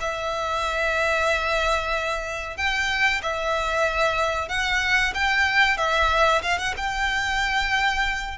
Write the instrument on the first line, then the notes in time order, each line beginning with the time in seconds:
violin
0.00 E5
2.57 G5
3.22 E5
4.49 F#5
5.14 G5
5.77 E5
6.42 F5
6.58 F#5
6.77 G5